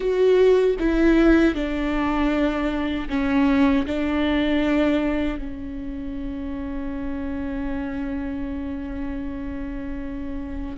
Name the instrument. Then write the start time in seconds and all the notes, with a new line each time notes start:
viola
0.00 F#4
0.79 E4
1.54 D4
3.09 C#4
3.86 D4
5.38 C#4